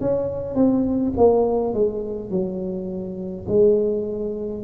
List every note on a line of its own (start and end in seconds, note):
0.00 0.55 C#4
0.55 1.12 C4
1.16 1.73 A#3
1.73 2.30 G#3
2.30 3.46 F#3
3.48 4.64 G#3